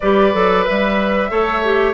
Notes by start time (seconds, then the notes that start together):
0.00 G3 G4 B4 D5
0.33 F#3 A4
0.64 G3 B4 E5
1.30 A3 A4 C#5
1.64 G4